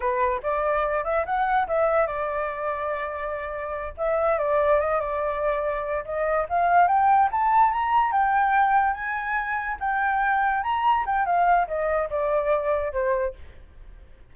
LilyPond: \new Staff \with { instrumentName = "flute" } { \time 4/4 \tempo 4 = 144 b'4 d''4. e''8 fis''4 | e''4 d''2.~ | d''4. e''4 d''4 dis''8 | d''2~ d''8 dis''4 f''8~ |
f''8 g''4 a''4 ais''4 g''8~ | g''4. gis''2 g''8~ | g''4. ais''4 g''8 f''4 | dis''4 d''2 c''4 | }